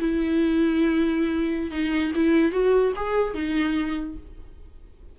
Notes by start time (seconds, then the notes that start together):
0.00 E4
1.72 D#4
2.15 E4
2.52 F#4
2.96 G#4
3.35 D#4